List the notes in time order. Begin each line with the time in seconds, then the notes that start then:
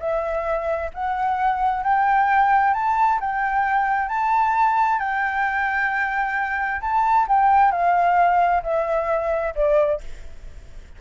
0.00 E5
0.94 F#5
1.83 G5
2.74 A5
3.20 G5
4.09 A5
4.99 G5
6.81 A5
7.28 G5
7.71 F5
8.63 E5
9.55 D5